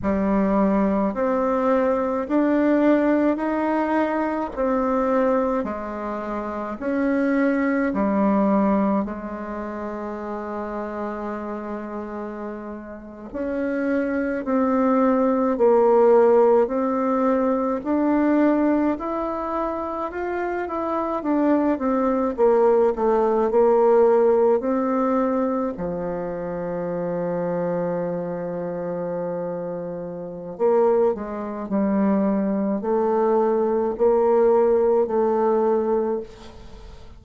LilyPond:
\new Staff \with { instrumentName = "bassoon" } { \time 4/4 \tempo 4 = 53 g4 c'4 d'4 dis'4 | c'4 gis4 cis'4 g4 | gis2.~ gis8. cis'16~ | cis'8. c'4 ais4 c'4 d'16~ |
d'8. e'4 f'8 e'8 d'8 c'8 ais16~ | ais16 a8 ais4 c'4 f4~ f16~ | f2. ais8 gis8 | g4 a4 ais4 a4 | }